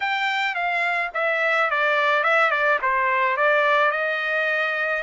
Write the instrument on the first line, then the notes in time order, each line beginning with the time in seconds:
trumpet
0.00 G5
0.55 F5
1.14 E5
1.70 D5
2.23 E5
2.50 D5
2.81 C5
3.36 D5
3.91 D#5